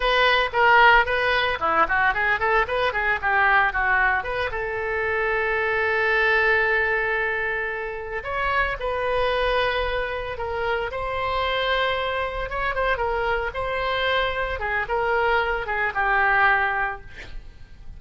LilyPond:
\new Staff \with { instrumentName = "oboe" } { \time 4/4 \tempo 4 = 113 b'4 ais'4 b'4 e'8 fis'8 | gis'8 a'8 b'8 gis'8 g'4 fis'4 | b'8 a'2.~ a'8~ | a'2.~ a'8 cis''8~ |
cis''8 b'2. ais'8~ | ais'8 c''2. cis''8 | c''8 ais'4 c''2 gis'8 | ais'4. gis'8 g'2 | }